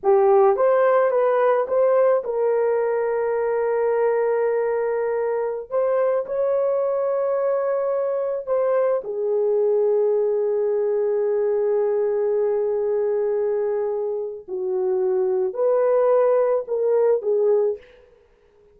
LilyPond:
\new Staff \with { instrumentName = "horn" } { \time 4/4 \tempo 4 = 108 g'4 c''4 b'4 c''4 | ais'1~ | ais'2~ ais'16 c''4 cis''8.~ | cis''2.~ cis''16 c''8.~ |
c''16 gis'2.~ gis'8.~ | gis'1~ | gis'2 fis'2 | b'2 ais'4 gis'4 | }